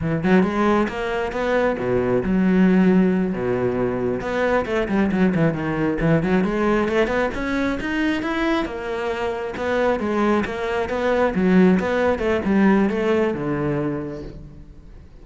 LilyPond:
\new Staff \with { instrumentName = "cello" } { \time 4/4 \tempo 4 = 135 e8 fis8 gis4 ais4 b4 | b,4 fis2~ fis8 b,8~ | b,4. b4 a8 g8 fis8 | e8 dis4 e8 fis8 gis4 a8 |
b8 cis'4 dis'4 e'4 ais8~ | ais4. b4 gis4 ais8~ | ais8 b4 fis4 b4 a8 | g4 a4 d2 | }